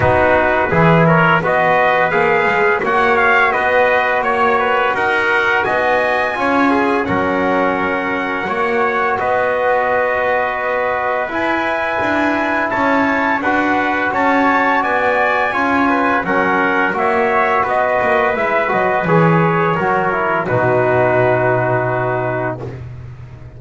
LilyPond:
<<
  \new Staff \with { instrumentName = "trumpet" } { \time 4/4 \tempo 4 = 85 b'4. cis''8 dis''4 f''4 | fis''8 f''8 dis''4 cis''4 fis''4 | gis''2 fis''2~ | fis''4 dis''2. |
gis''2 a''4 fis''4 | a''4 gis''2 fis''4 | e''4 dis''4 e''8 dis''8 cis''4~ | cis''4 b'2. | }
  \new Staff \with { instrumentName = "trumpet" } { \time 4/4 fis'4 gis'8 ais'8 b'2 | cis''4 b'4 cis''8 b'8 ais'4 | dis''4 cis''8 gis'8 ais'2 | cis''4 b'2.~ |
b'2 cis''4 b'4 | cis''4 d''4 cis''8 b'8 ais'4 | cis''4 b'2. | ais'4 fis'2. | }
  \new Staff \with { instrumentName = "trombone" } { \time 4/4 dis'4 e'4 fis'4 gis'4 | fis'1~ | fis'4 f'4 cis'2 | fis'1 |
e'2. fis'4~ | fis'2 f'4 cis'4 | fis'2 e'8 fis'8 gis'4 | fis'8 e'8 dis'2. | }
  \new Staff \with { instrumentName = "double bass" } { \time 4/4 b4 e4 b4 ais8 gis8 | ais4 b4 ais4 dis'4 | b4 cis'4 fis2 | ais4 b2. |
e'4 d'4 cis'4 d'4 | cis'4 b4 cis'4 fis4 | ais4 b8 ais8 gis8 fis8 e4 | fis4 b,2. | }
>>